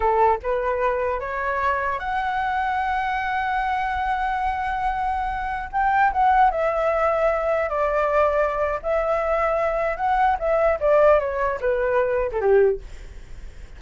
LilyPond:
\new Staff \with { instrumentName = "flute" } { \time 4/4 \tempo 4 = 150 a'4 b'2 cis''4~ | cis''4 fis''2.~ | fis''1~ | fis''2~ fis''16 g''4 fis''8.~ |
fis''16 e''2. d''8.~ | d''2 e''2~ | e''4 fis''4 e''4 d''4 | cis''4 b'4.~ b'16 a'16 g'4 | }